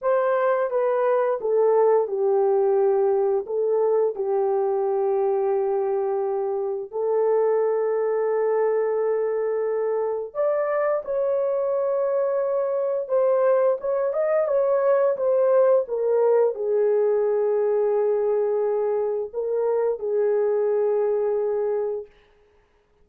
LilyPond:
\new Staff \with { instrumentName = "horn" } { \time 4/4 \tempo 4 = 87 c''4 b'4 a'4 g'4~ | g'4 a'4 g'2~ | g'2 a'2~ | a'2. d''4 |
cis''2. c''4 | cis''8 dis''8 cis''4 c''4 ais'4 | gis'1 | ais'4 gis'2. | }